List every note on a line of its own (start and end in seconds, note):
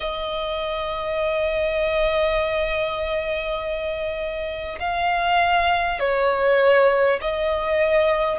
0.00 4.78 D#5
4.79 5.99 F5
5.99 7.19 C#5
7.21 8.38 D#5